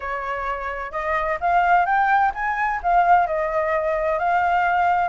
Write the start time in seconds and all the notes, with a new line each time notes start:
0.00 C#5
0.91 D#5
1.40 F5
1.85 G5
2.34 G#5
2.82 F5
3.26 D#5
4.18 F5